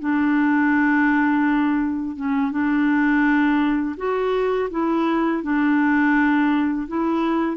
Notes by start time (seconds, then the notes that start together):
0.00 D4
2.16 C#4
2.51 D4
3.97 F#4
4.71 E4
5.43 D4
6.88 E4